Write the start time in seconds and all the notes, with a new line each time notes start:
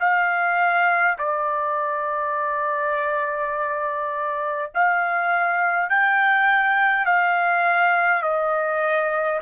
0.00 F5
1.18 D5
4.74 F5
5.89 G5
7.06 F5
8.22 D#5